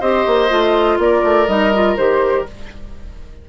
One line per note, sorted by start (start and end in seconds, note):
0.00 0.25 C4
0.00 0.49 G4
0.00 0.98 C5
0.00 0.98 D#5
0.26 0.50 A#3
0.49 0.98 A3
0.49 1.46 F4
0.98 1.22 A#3
0.98 2.48 A#4
0.98 1.47 D5
1.23 1.47 A3
1.47 1.96 G3
1.47 1.71 D#4
1.47 1.96 D#5
1.74 1.97 F4
1.96 2.45 D#3
1.96 2.46 G4
1.96 2.45 C5